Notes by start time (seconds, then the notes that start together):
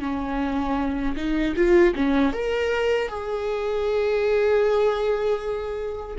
0.00 C#4
1.16 D#4
1.56 F4
1.95 C#4
2.33 A#4
3.08 G#4